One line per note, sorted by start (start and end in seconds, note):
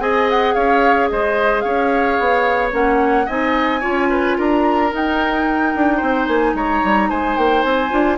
0.00 0.55 C4
0.00 2.72 G#4
0.00 0.55 D#5
0.00 0.28 G#5
0.30 0.54 F#5
0.54 1.11 C#4
0.54 1.09 C#5
0.54 1.09 F5
1.10 1.64 G#3
1.10 1.64 C5
1.10 1.61 D#5
1.61 2.19 C#4
1.61 3.26 C#5
1.61 2.70 F5
2.19 2.73 B3
2.72 3.27 A#3
2.72 3.27 C#4
2.72 3.29 F#5
3.26 3.84 C4
3.26 3.81 D#4
3.26 3.80 D#5
3.26 4.38 G#5
3.80 4.39 C#4
3.80 4.90 F4
3.80 4.08 C#5
4.10 4.37 B4
4.38 4.93 D4
4.38 5.97 A#4
4.38 4.94 A#5
4.90 7.90 D#4
4.90 5.75 D#4
4.90 6.27 G5
5.75 6.02 D4
5.97 6.28 C4
5.97 6.51 C5
6.27 6.54 A#3
6.27 6.54 G#5
6.54 6.81 G#3
6.54 7.10 C#5
6.54 7.10 A#5
6.84 7.10 G3
7.10 7.37 G#3
7.10 8.18 C5
7.10 7.37 G#5
7.37 7.64 A#3
7.37 7.62 G5
7.62 7.91 C4
7.62 8.17 G#5
7.91 8.18 D4
7.91 8.18 F4